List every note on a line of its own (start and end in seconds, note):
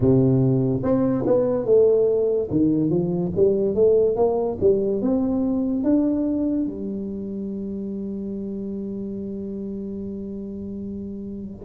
0.00 0.82 C3
0.83 1.24 C4
1.26 1.65 B3
1.65 2.48 A3
2.50 2.89 D#3
2.89 3.31 F3
3.36 3.75 G3
3.75 4.16 A3
4.16 4.58 A#3
4.60 5.02 G3
5.02 5.83 C4
5.83 6.67 D4
6.67 11.64 G3